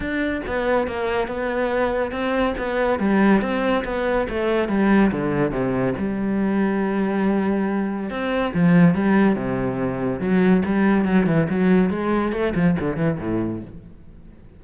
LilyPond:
\new Staff \with { instrumentName = "cello" } { \time 4/4 \tempo 4 = 141 d'4 b4 ais4 b4~ | b4 c'4 b4 g4 | c'4 b4 a4 g4 | d4 c4 g2~ |
g2. c'4 | f4 g4 c2 | fis4 g4 fis8 e8 fis4 | gis4 a8 f8 d8 e8 a,4 | }